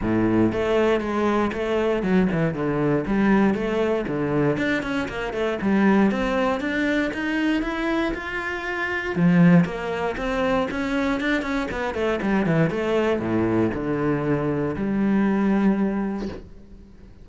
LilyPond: \new Staff \with { instrumentName = "cello" } { \time 4/4 \tempo 4 = 118 a,4 a4 gis4 a4 | fis8 e8 d4 g4 a4 | d4 d'8 cis'8 ais8 a8 g4 | c'4 d'4 dis'4 e'4 |
f'2 f4 ais4 | c'4 cis'4 d'8 cis'8 b8 a8 | g8 e8 a4 a,4 d4~ | d4 g2. | }